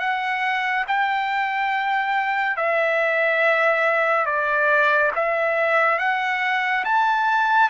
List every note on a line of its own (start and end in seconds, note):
0.00 0.86 F#5
0.88 2.57 G5
2.57 4.26 E5
4.26 5.12 D5
5.16 5.99 E5
5.99 6.85 F#5
6.85 7.70 A5